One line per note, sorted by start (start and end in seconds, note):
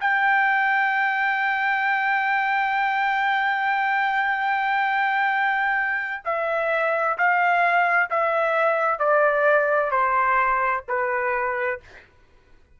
0.00 6.23 G5
6.25 7.17 E5
7.17 8.10 F5
8.10 8.99 E5
8.99 9.91 D5
9.91 10.83 C5
10.88 11.80 B4